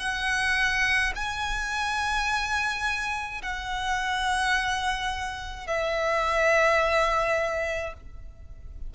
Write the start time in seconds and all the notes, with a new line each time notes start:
0.00 F#5
1.16 G#5
3.43 F#5
5.68 E5